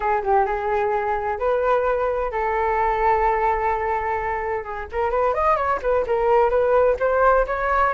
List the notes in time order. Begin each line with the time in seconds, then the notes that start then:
0.00 G#4
0.23 G4
0.46 G#4
1.38 B4
2.31 A4
4.63 G#4
4.92 A#4
5.10 B4
5.34 D#5
5.56 C#5
5.82 B4
6.06 A#4
6.49 B4
6.99 C5
7.47 C#5